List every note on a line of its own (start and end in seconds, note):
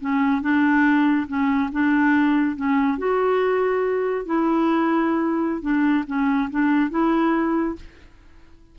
0.00 0.41 C#4
0.41 1.26 D4
1.27 1.70 C#4
1.72 2.56 D4
2.56 2.98 C#4
2.98 4.25 F#4
4.25 5.62 E4
5.62 6.04 D4
6.07 6.49 C#4
6.50 6.90 D4
6.90 7.75 E4